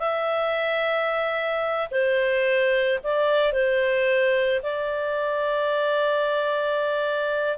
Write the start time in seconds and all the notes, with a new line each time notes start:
0.00 E5
1.91 C5
3.04 D5
3.53 C5
4.63 D5